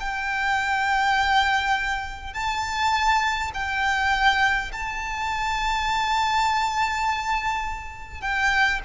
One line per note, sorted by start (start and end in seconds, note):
0.00 2.33 G5
2.33 3.51 A5
3.54 4.72 G5
4.72 8.21 A5
8.21 8.80 G5